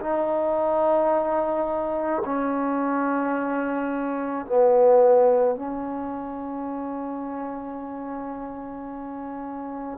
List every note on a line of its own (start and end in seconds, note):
0.00 2.22 D#4
2.25 4.46 C#4
4.46 5.56 B3
5.56 9.98 C#4